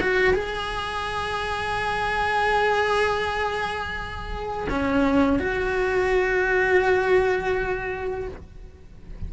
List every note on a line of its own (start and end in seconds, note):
0.00 0.34 F#4
0.34 4.67 G#4
4.69 5.39 C#4
5.39 8.28 F#4